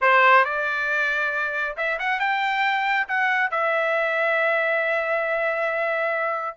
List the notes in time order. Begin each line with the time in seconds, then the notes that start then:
0.01 C5
0.44 D5
1.77 E5
1.99 F#5
2.19 G5
3.08 F#5
3.51 E5